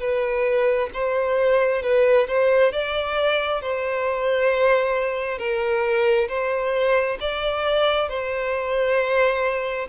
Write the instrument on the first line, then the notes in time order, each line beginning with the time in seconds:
violin
0.00 B4
0.94 C5
1.82 B4
2.28 C5
2.72 D5
3.61 C5
5.38 A#4
6.28 C5
7.20 D5
8.09 C5